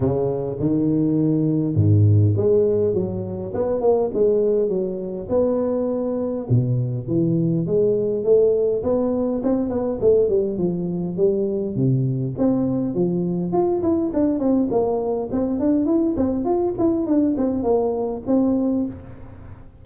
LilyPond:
\new Staff \with { instrumentName = "tuba" } { \time 4/4 \tempo 4 = 102 cis4 dis2 gis,4 | gis4 fis4 b8 ais8 gis4 | fis4 b2 b,4 | e4 gis4 a4 b4 |
c'8 b8 a8 g8 f4 g4 | c4 c'4 f4 f'8 e'8 | d'8 c'8 ais4 c'8 d'8 e'8 c'8 | f'8 e'8 d'8 c'8 ais4 c'4 | }